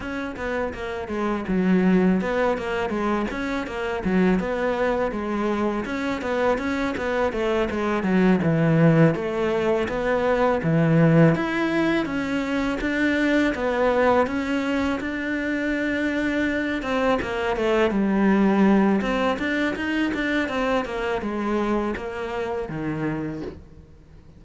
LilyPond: \new Staff \with { instrumentName = "cello" } { \time 4/4 \tempo 4 = 82 cis'8 b8 ais8 gis8 fis4 b8 ais8 | gis8 cis'8 ais8 fis8 b4 gis4 | cis'8 b8 cis'8 b8 a8 gis8 fis8 e8~ | e8 a4 b4 e4 e'8~ |
e'8 cis'4 d'4 b4 cis'8~ | cis'8 d'2~ d'8 c'8 ais8 | a8 g4. c'8 d'8 dis'8 d'8 | c'8 ais8 gis4 ais4 dis4 | }